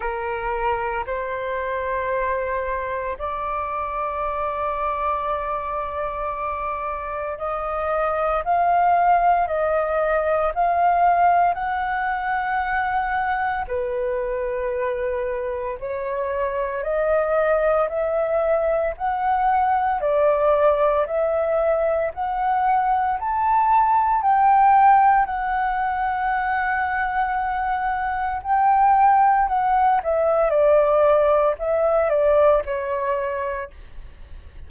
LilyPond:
\new Staff \with { instrumentName = "flute" } { \time 4/4 \tempo 4 = 57 ais'4 c''2 d''4~ | d''2. dis''4 | f''4 dis''4 f''4 fis''4~ | fis''4 b'2 cis''4 |
dis''4 e''4 fis''4 d''4 | e''4 fis''4 a''4 g''4 | fis''2. g''4 | fis''8 e''8 d''4 e''8 d''8 cis''4 | }